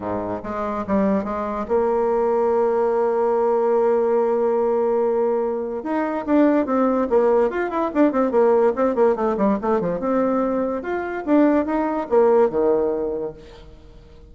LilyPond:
\new Staff \with { instrumentName = "bassoon" } { \time 4/4 \tempo 4 = 144 gis,4 gis4 g4 gis4 | ais1~ | ais1~ | ais2 dis'4 d'4 |
c'4 ais4 f'8 e'8 d'8 c'8 | ais4 c'8 ais8 a8 g8 a8 f8 | c'2 f'4 d'4 | dis'4 ais4 dis2 | }